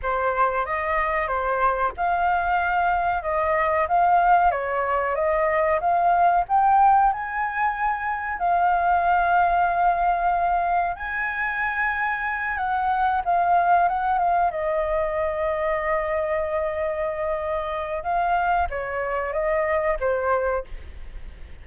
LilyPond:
\new Staff \with { instrumentName = "flute" } { \time 4/4 \tempo 4 = 93 c''4 dis''4 c''4 f''4~ | f''4 dis''4 f''4 cis''4 | dis''4 f''4 g''4 gis''4~ | gis''4 f''2.~ |
f''4 gis''2~ gis''8 fis''8~ | fis''8 f''4 fis''8 f''8 dis''4.~ | dis''1 | f''4 cis''4 dis''4 c''4 | }